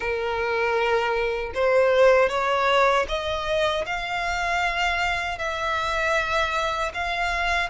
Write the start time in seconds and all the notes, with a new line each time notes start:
0.00 A#4
1.54 C5
2.29 C#5
3.08 D#5
3.85 F5
5.38 E5
6.93 F5